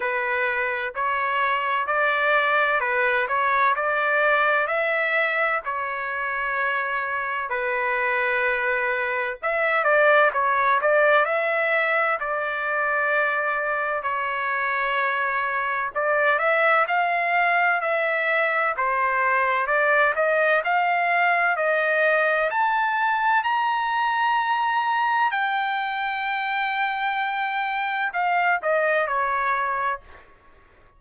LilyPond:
\new Staff \with { instrumentName = "trumpet" } { \time 4/4 \tempo 4 = 64 b'4 cis''4 d''4 b'8 cis''8 | d''4 e''4 cis''2 | b'2 e''8 d''8 cis''8 d''8 | e''4 d''2 cis''4~ |
cis''4 d''8 e''8 f''4 e''4 | c''4 d''8 dis''8 f''4 dis''4 | a''4 ais''2 g''4~ | g''2 f''8 dis''8 cis''4 | }